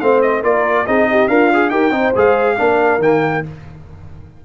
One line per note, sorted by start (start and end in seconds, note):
0.00 0.45 A3
0.00 0.44 C4
0.00 0.43 C5
0.00 0.21 F5
0.22 0.43 D#5
0.43 0.87 A#3
0.43 0.86 F4
0.43 0.86 A#4
0.43 0.87 D5
0.86 1.29 C4
0.86 1.29 D#4
0.86 1.08 G#4
0.86 1.28 D#5
1.11 1.31 G4
1.28 1.71 D4
1.28 1.72 F4
1.28 1.51 A#4
1.28 1.70 F5
1.54 1.72 G#4
1.70 1.91 D#4
1.70 1.92 G4
1.70 1.93 A#4
1.70 2.13 G5
1.91 2.13 C4
1.91 2.13 D#4
1.91 2.58 C5
2.16 2.59 G#3
2.16 2.58 G#4
2.16 3.02 F5
2.58 2.99 A#3
2.58 3.01 D4
2.58 3.44 A#4
2.99 3.42 D#3
2.99 3.44 A#3
2.99 3.45 G5